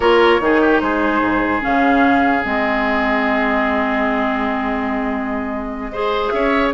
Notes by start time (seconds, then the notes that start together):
0.00 A#3 F4 A#4 C#5
0.40 D#3 D#4 G#4
0.61 G4
0.80 G#3 G#4 C5
1.20 G#2
1.60 C#3 C#4 F5
2.44 G#3 C4 D#5
5.91 G#4 C5
6.29 C#4 C#5 E5